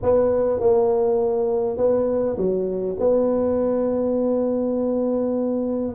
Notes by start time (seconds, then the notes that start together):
0.02 B3
0.59 A#3
1.77 B3
2.37 F#3
2.99 B3